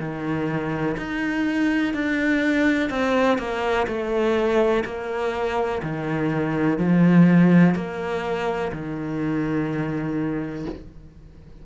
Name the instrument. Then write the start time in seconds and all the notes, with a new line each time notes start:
cello
0.00 D#3
0.97 D#4
1.94 D4
2.90 C4
3.39 A#3
3.88 A3
4.85 A#3
5.83 D#3
6.79 F3
7.75 A#3
8.72 D#3